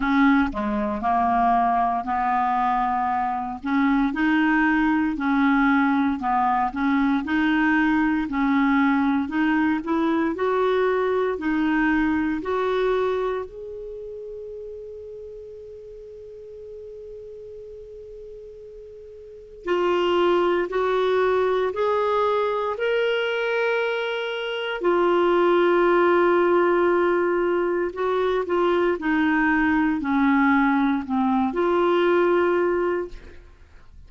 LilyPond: \new Staff \with { instrumentName = "clarinet" } { \time 4/4 \tempo 4 = 58 cis'8 gis8 ais4 b4. cis'8 | dis'4 cis'4 b8 cis'8 dis'4 | cis'4 dis'8 e'8 fis'4 dis'4 | fis'4 gis'2.~ |
gis'2. f'4 | fis'4 gis'4 ais'2 | f'2. fis'8 f'8 | dis'4 cis'4 c'8 f'4. | }